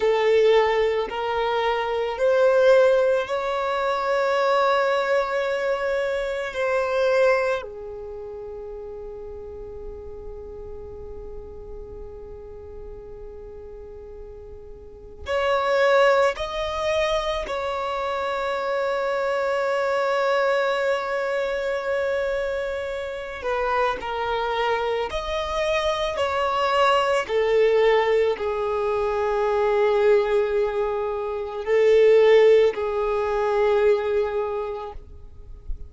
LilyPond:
\new Staff \with { instrumentName = "violin" } { \time 4/4 \tempo 4 = 55 a'4 ais'4 c''4 cis''4~ | cis''2 c''4 gis'4~ | gis'1~ | gis'2 cis''4 dis''4 |
cis''1~ | cis''4. b'8 ais'4 dis''4 | cis''4 a'4 gis'2~ | gis'4 a'4 gis'2 | }